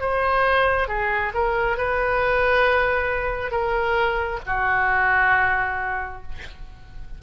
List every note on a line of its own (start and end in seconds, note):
0.00 0.88 C5
0.88 1.32 G#4
1.34 1.77 A#4
1.77 3.51 B4
3.51 4.39 A#4
4.46 6.22 F#4